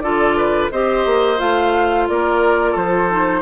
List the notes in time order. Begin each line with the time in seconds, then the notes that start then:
0.00 D3 F4 A4 D5
0.37 B4
0.72 C4 G4 C5 D#5
1.06 A#3
1.38 A3 F4 F5
2.09 A#3 A#4 D5
2.72 F3 A4 C5
3.10 D#4